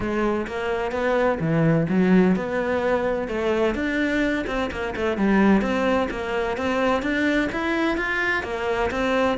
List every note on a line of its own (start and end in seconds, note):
0.00 0.46 G#3
0.47 0.91 A#3
0.91 1.38 B3
1.40 1.86 E3
1.89 2.35 F#3
2.36 3.28 B3
3.28 3.74 A3
3.74 4.45 D4
4.46 4.70 C4
4.71 4.94 A#3
4.96 5.17 A3
5.17 5.61 G3
5.61 6.08 C4
6.10 6.57 A#3
6.57 7.02 C4
7.02 7.49 D4
7.51 7.97 E4
7.97 8.43 F4
8.43 8.90 A#3
8.90 9.37 C4